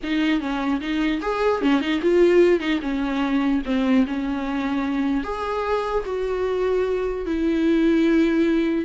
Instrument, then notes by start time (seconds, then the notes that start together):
viola
0.03 D#4
0.40 C#4
0.80 D#4
1.21 G#4
1.61 C#4
1.80 D#4
2.02 F4
2.60 D#4
2.81 C#4
3.65 C4
4.06 C#4
5.23 G#4
6.05 F#4
7.26 E4